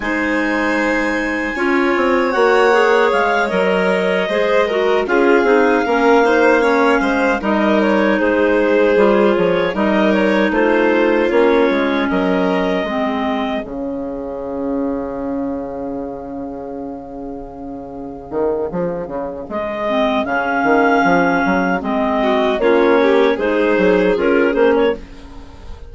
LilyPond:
<<
  \new Staff \with { instrumentName = "clarinet" } { \time 4/4 \tempo 4 = 77 gis''2. fis''4 | f''8 dis''2 f''4.~ | f''4. dis''8 cis''8 c''4. | cis''8 dis''8 cis''8 c''4 cis''4 dis''8~ |
dis''4. f''2~ f''8~ | f''1~ | f''4 dis''4 f''2 | dis''4 cis''4 c''4 ais'8 c''16 cis''16 | }
  \new Staff \with { instrumentName = "violin" } { \time 4/4 c''2 cis''2~ | cis''4. c''8 ais'8 gis'4 ais'8 | c''8 cis''8 c''8 ais'4 gis'4.~ | gis'8 ais'4 f'2 ais'8~ |
ais'8 gis'2.~ gis'8~ | gis'1~ | gis'1~ | gis'8 fis'8 f'8 g'8 gis'2 | }
  \new Staff \with { instrumentName = "clarinet" } { \time 4/4 dis'2 f'4 fis'8 gis'8~ | gis'8 ais'4 gis'8 fis'8 f'8 dis'8 cis'8 | dis'8 cis'4 dis'2 f'8~ | f'8 dis'2 cis'4.~ |
cis'8 c'4 cis'2~ cis'8~ | cis'1~ | cis'4. c'8 cis'2 | c'4 cis'4 dis'4 f'8 cis'8 | }
  \new Staff \with { instrumentName = "bassoon" } { \time 4/4 gis2 cis'8 c'8 ais4 | gis8 fis4 gis4 cis'8 c'8 ais8~ | ais4 gis8 g4 gis4 g8 | f8 g4 a4 ais8 gis8 fis8~ |
fis8 gis4 cis2~ cis8~ | cis2.~ cis8 dis8 | f8 cis8 gis4 cis8 dis8 f8 fis8 | gis4 ais4 gis8 fis8 cis'8 ais8 | }
>>